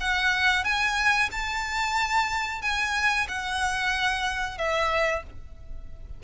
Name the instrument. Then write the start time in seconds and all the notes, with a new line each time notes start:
violin
0.00 F#5
0.64 G#5
1.31 A5
2.61 G#5
3.28 F#5
4.57 E5